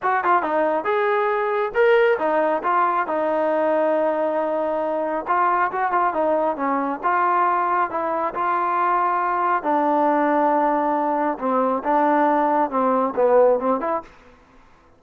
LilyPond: \new Staff \with { instrumentName = "trombone" } { \time 4/4 \tempo 4 = 137 fis'8 f'8 dis'4 gis'2 | ais'4 dis'4 f'4 dis'4~ | dis'1 | f'4 fis'8 f'8 dis'4 cis'4 |
f'2 e'4 f'4~ | f'2 d'2~ | d'2 c'4 d'4~ | d'4 c'4 b4 c'8 e'8 | }